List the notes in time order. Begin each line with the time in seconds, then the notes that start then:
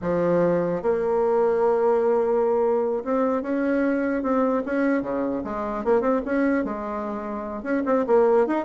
0.01 F3
0.82 A#3
3.04 C4
3.42 C#4
4.22 C4
4.65 C#4
5.02 C#3
5.44 G#3
5.84 A#3
6.01 C4
6.25 C#4
6.64 G#3
7.62 C#4
7.85 C4
8.06 A#3
8.46 D#4